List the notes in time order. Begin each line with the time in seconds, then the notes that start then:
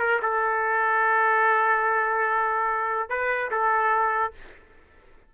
0.00 A#4
0.22 A4
3.10 B4
3.51 A4